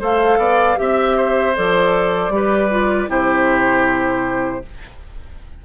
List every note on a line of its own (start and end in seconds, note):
0.00 0.38 A3
0.00 0.77 A4
0.00 0.39 C5
0.00 0.79 F5
0.38 0.77 B3
0.38 0.78 D5
0.77 1.57 C4
0.77 1.54 G4
0.77 1.56 E5
0.77 1.17 E5
1.17 2.33 C5
1.56 2.30 F3
1.56 2.32 A4
1.56 3.11 D5
2.30 3.07 G3
2.30 2.70 G4
2.36 3.10 B4
2.71 3.08 F4
3.08 4.62 C3
3.08 4.62 E4
3.08 4.64 G4
3.08 4.65 C5